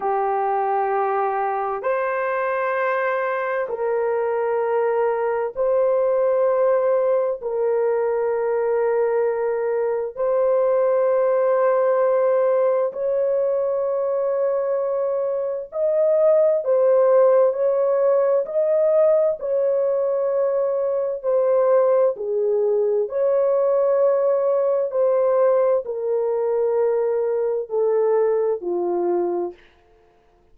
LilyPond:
\new Staff \with { instrumentName = "horn" } { \time 4/4 \tempo 4 = 65 g'2 c''2 | ais'2 c''2 | ais'2. c''4~ | c''2 cis''2~ |
cis''4 dis''4 c''4 cis''4 | dis''4 cis''2 c''4 | gis'4 cis''2 c''4 | ais'2 a'4 f'4 | }